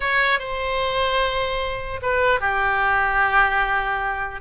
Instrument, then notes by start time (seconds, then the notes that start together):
oboe
0.00 C#5
0.39 C5
2.02 B4
2.40 G4